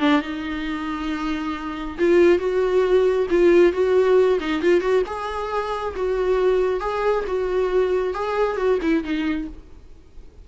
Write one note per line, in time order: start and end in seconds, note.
0.00 0.22 D4
0.22 1.98 D#4
1.98 2.39 F4
2.39 3.27 F#4
3.30 3.73 F4
3.73 4.39 F#4
4.40 4.62 D#4
4.62 4.81 F4
4.81 5.03 F#4
5.06 5.95 G#4
5.96 6.80 F#4
6.80 7.25 G#4
7.27 8.14 F#4
8.14 8.57 G#4
8.57 8.79 F#4
8.82 9.04 E4
9.04 9.48 D#4